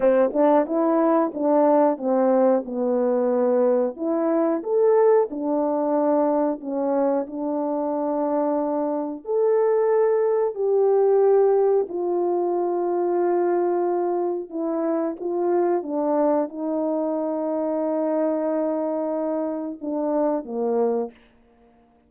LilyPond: \new Staff \with { instrumentName = "horn" } { \time 4/4 \tempo 4 = 91 c'8 d'8 e'4 d'4 c'4 | b2 e'4 a'4 | d'2 cis'4 d'4~ | d'2 a'2 |
g'2 f'2~ | f'2 e'4 f'4 | d'4 dis'2.~ | dis'2 d'4 ais4 | }